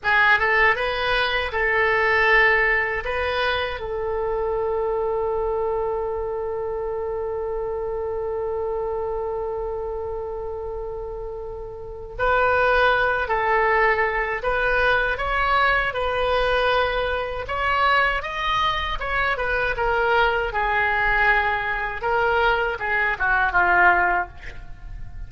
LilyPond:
\new Staff \with { instrumentName = "oboe" } { \time 4/4 \tempo 4 = 79 gis'8 a'8 b'4 a'2 | b'4 a'2.~ | a'1~ | a'1 |
b'4. a'4. b'4 | cis''4 b'2 cis''4 | dis''4 cis''8 b'8 ais'4 gis'4~ | gis'4 ais'4 gis'8 fis'8 f'4 | }